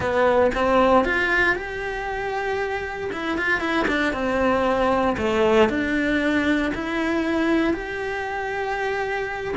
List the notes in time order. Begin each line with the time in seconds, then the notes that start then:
0.00 B3
0.54 C4
1.04 F4
1.55 G4
3.12 E4
3.37 F4
3.60 E4
3.87 D4
4.13 C4
5.17 A3
5.69 D4
6.74 E4
7.73 G4